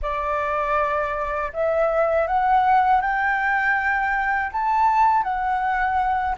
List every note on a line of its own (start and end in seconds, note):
0.02 1.52 D5
1.53 2.27 E5
2.27 3.01 F#5
3.01 4.51 G5
4.52 5.23 A5
5.23 6.35 F#5